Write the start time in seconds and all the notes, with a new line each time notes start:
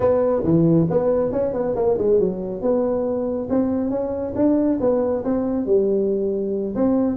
0.00 B3
0.44 E3
0.90 B3
1.31 C#4
1.53 B3
1.75 A#3
1.98 G#3
2.19 F#3
2.61 B3
3.49 C4
3.90 C#4
4.35 D4
4.80 B3
5.24 C4
5.66 G3
6.75 C4